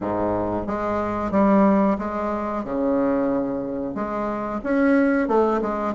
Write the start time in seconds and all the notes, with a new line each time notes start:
0.01 G#2
0.66 G#3
1.31 G3
1.98 G#3
2.64 C#3
3.94 G#3
4.63 C#4
5.27 A3
5.61 G#3